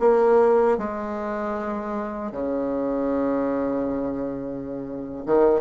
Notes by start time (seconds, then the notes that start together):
0.00 A#3
0.78 G#3
2.32 C#3
5.26 D#3